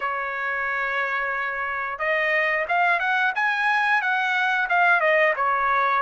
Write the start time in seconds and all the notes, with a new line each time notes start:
0.00 C#5
1.98 D#5
2.68 F5
2.99 F#5
3.35 G#5
4.01 F#5
4.68 F5
5.00 D#5
5.35 C#5